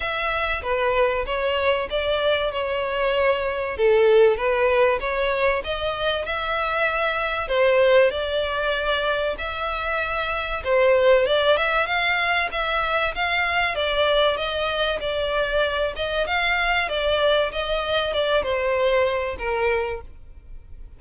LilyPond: \new Staff \with { instrumentName = "violin" } { \time 4/4 \tempo 4 = 96 e''4 b'4 cis''4 d''4 | cis''2 a'4 b'4 | cis''4 dis''4 e''2 | c''4 d''2 e''4~ |
e''4 c''4 d''8 e''8 f''4 | e''4 f''4 d''4 dis''4 | d''4. dis''8 f''4 d''4 | dis''4 d''8 c''4. ais'4 | }